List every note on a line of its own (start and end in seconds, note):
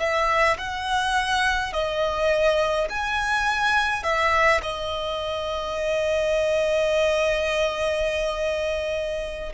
0.00 0.58 E5
0.58 1.73 F#5
1.73 2.88 D#5
2.90 4.03 G#5
4.03 4.61 E5
4.63 9.53 D#5